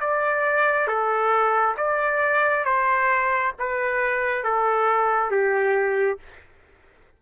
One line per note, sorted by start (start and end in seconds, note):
0.00 0.87 D5
0.87 1.76 A4
1.78 2.65 D5
2.65 3.53 C5
3.59 4.44 B4
4.44 5.31 A4
5.31 6.19 G4